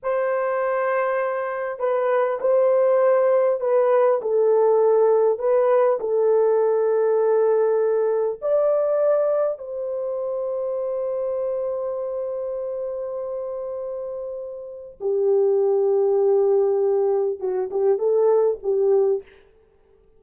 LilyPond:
\new Staff \with { instrumentName = "horn" } { \time 4/4 \tempo 4 = 100 c''2. b'4 | c''2 b'4 a'4~ | a'4 b'4 a'2~ | a'2 d''2 |
c''1~ | c''1~ | c''4 g'2.~ | g'4 fis'8 g'8 a'4 g'4 | }